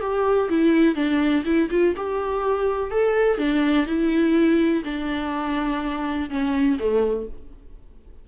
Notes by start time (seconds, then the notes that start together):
0.00 G4
0.49 E4
0.95 D4
1.45 E4
1.70 F4
1.96 G4
2.91 A4
3.38 D4
3.86 E4
4.84 D4
6.30 C#4
6.79 A3